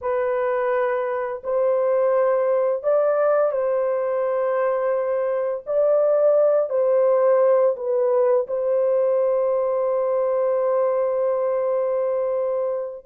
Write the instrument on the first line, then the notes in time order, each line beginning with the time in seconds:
horn
0.01 B4
1.43 C5
2.83 D5
3.51 C5
5.66 D5
6.69 C5
7.76 B4
8.47 C5